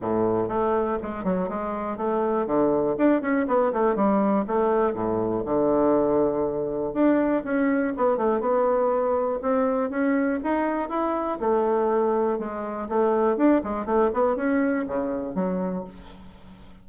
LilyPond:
\new Staff \with { instrumentName = "bassoon" } { \time 4/4 \tempo 4 = 121 a,4 a4 gis8 fis8 gis4 | a4 d4 d'8 cis'8 b8 a8 | g4 a4 a,4 d4~ | d2 d'4 cis'4 |
b8 a8 b2 c'4 | cis'4 dis'4 e'4 a4~ | a4 gis4 a4 d'8 gis8 | a8 b8 cis'4 cis4 fis4 | }